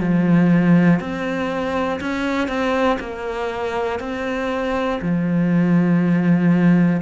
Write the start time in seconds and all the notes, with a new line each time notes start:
0.00 F3
1.00 C4
2.00 C#4
2.48 C4
3.00 A#3
3.99 C4
5.01 F3